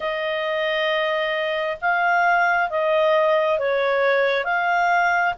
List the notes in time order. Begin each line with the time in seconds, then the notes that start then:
0.00 D#5
1.81 F5
2.69 D#5
3.58 C#5
4.44 F5